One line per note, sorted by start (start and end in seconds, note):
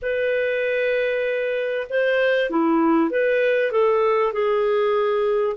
0.01 1.87 B4
1.89 2.50 C5
2.50 3.10 E4
3.10 3.71 B4
3.71 4.32 A4
4.32 5.56 G#4